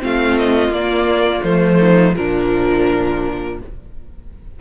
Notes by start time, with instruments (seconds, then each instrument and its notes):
0.00 cello A3, viola C4, violin F4 F5
0.38 violin D#5
0.69 cello A#3, viola A#3, violin D5
1.43 cello F3, viola A3, violin C5
1.79 violin D#4
2.15 cello A#2, viola F3, violin D4 A#4